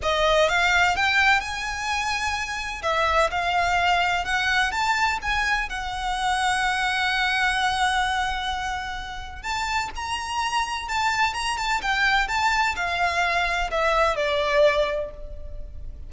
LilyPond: \new Staff \with { instrumentName = "violin" } { \time 4/4 \tempo 4 = 127 dis''4 f''4 g''4 gis''4~ | gis''2 e''4 f''4~ | f''4 fis''4 a''4 gis''4 | fis''1~ |
fis''1 | a''4 ais''2 a''4 | ais''8 a''8 g''4 a''4 f''4~ | f''4 e''4 d''2 | }